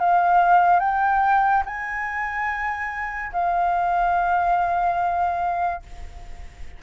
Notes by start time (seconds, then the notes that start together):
0.00 F5
0.80 G5
1.66 G#5
3.33 F5